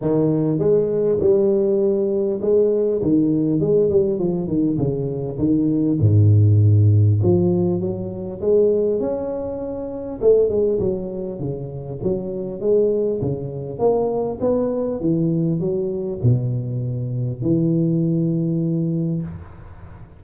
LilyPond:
\new Staff \with { instrumentName = "tuba" } { \time 4/4 \tempo 4 = 100 dis4 gis4 g2 | gis4 dis4 gis8 g8 f8 dis8 | cis4 dis4 gis,2 | f4 fis4 gis4 cis'4~ |
cis'4 a8 gis8 fis4 cis4 | fis4 gis4 cis4 ais4 | b4 e4 fis4 b,4~ | b,4 e2. | }